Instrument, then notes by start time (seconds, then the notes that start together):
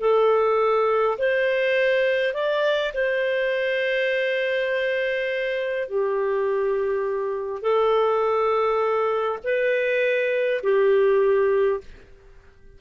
clarinet
0.00 A4
1.18 C5
2.34 D5
2.94 C5
5.88 G4
7.62 A4
9.44 B4
10.63 G4